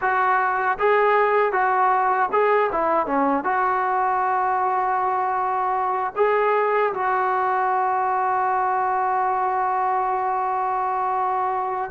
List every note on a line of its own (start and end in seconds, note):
0.01 0.78 F#4
0.78 1.52 G#4
1.52 2.29 F#4
2.32 2.70 G#4
2.71 3.06 E4
3.06 3.44 C#4
3.44 6.13 F#4
6.16 6.93 G#4
6.93 11.91 F#4